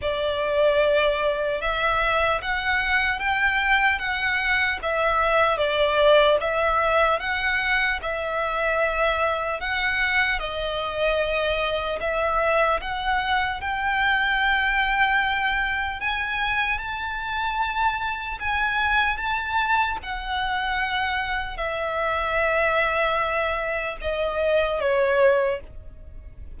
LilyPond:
\new Staff \with { instrumentName = "violin" } { \time 4/4 \tempo 4 = 75 d''2 e''4 fis''4 | g''4 fis''4 e''4 d''4 | e''4 fis''4 e''2 | fis''4 dis''2 e''4 |
fis''4 g''2. | gis''4 a''2 gis''4 | a''4 fis''2 e''4~ | e''2 dis''4 cis''4 | }